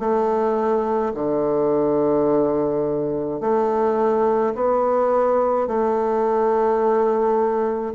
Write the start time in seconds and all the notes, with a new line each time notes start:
0.00 A3
1.15 D3
3.41 A3
4.55 B3
5.68 A3